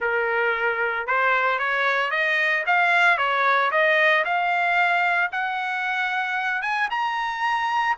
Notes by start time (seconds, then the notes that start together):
0.00 A#4
1.06 C5
1.59 C#5
2.10 D#5
2.66 F5
3.17 C#5
3.71 D#5
4.24 F5
5.32 F#5
6.62 G#5
6.90 A#5